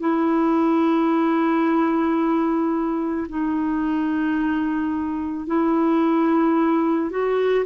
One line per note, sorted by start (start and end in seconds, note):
0.00 3.27 E4
3.29 5.47 D#4
5.47 7.11 E4
7.11 7.65 F#4